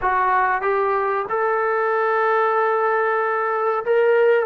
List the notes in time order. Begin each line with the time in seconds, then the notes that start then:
0.01 F#4
0.61 G4
1.29 A4
3.84 A#4